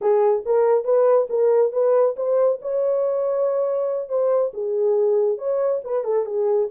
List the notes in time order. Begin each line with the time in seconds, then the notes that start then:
0.01 G#4
0.45 A#4
0.84 B4
1.29 A#4
1.72 B4
2.16 C5
2.61 C#5
4.08 C5
4.53 G#4
5.38 C#5
5.84 B4
6.04 A4
6.25 G#4